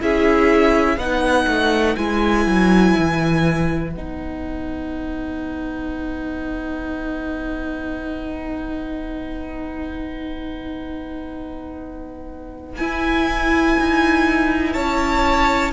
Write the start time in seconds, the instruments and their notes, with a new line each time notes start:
0.00 cello C#4, viola E4, violin G#4 E5
0.97 cello B3, viola D#4, violin B4 F#5
1.47 cello A3
1.96 cello G#3, viola E4, violin G#5
2.46 cello F#3
2.99 cello E3
3.90 cello B3, violin F#5
3.97 viola D#4
12.77 cello E4, viola E4, violin G#5
13.80 cello D#4
14.73 cello C#4, violin C#5 A5